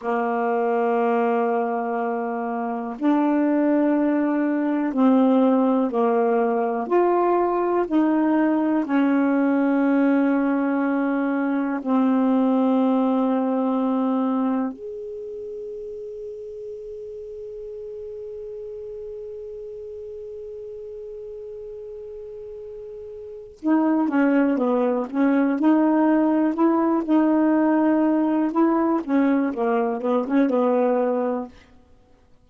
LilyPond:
\new Staff \with { instrumentName = "saxophone" } { \time 4/4 \tempo 4 = 61 ais2. d'4~ | d'4 c'4 ais4 f'4 | dis'4 cis'2. | c'2. gis'4~ |
gis'1~ | gis'1 | dis'8 cis'8 b8 cis'8 dis'4 e'8 dis'8~ | dis'4 e'8 cis'8 ais8 b16 cis'16 b4 | }